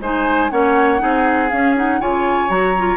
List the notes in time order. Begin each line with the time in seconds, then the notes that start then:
0.00 G#3 D#4 C5 G#5
0.51 A#3 C#4 C#5 F#5
0.99 C4 D#4 G#4
1.50 C#4 F5
1.76 D#4 F#5
2.00 C#3 F4 C#5 G#5
2.49 F#3 F#4 A#5
2.78 F4